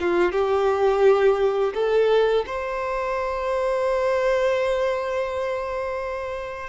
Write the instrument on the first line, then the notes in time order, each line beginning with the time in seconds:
violin
0.00 F4
0.32 G4
1.74 A4
2.46 C5